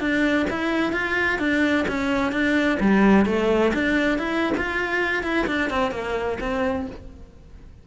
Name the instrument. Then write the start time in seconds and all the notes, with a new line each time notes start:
cello
0.00 D4
0.50 E4
0.92 F4
1.39 D4
1.88 C#4
2.32 D4
2.80 G3
3.26 A3
3.74 D4
4.19 E4
4.57 F4
5.23 E4
5.47 D4
5.70 C4
5.92 A#3
6.40 C4